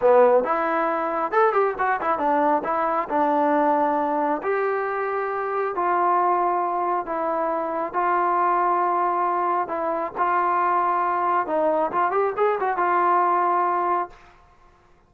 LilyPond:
\new Staff \with { instrumentName = "trombone" } { \time 4/4 \tempo 4 = 136 b4 e'2 a'8 g'8 | fis'8 e'8 d'4 e'4 d'4~ | d'2 g'2~ | g'4 f'2. |
e'2 f'2~ | f'2 e'4 f'4~ | f'2 dis'4 f'8 g'8 | gis'8 fis'8 f'2. | }